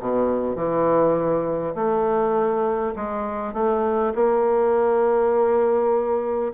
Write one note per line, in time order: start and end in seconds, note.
0.00 0.56 B2
0.56 1.75 E3
1.75 2.94 A3
2.96 3.53 G#3
3.53 4.13 A3
4.15 6.53 A#3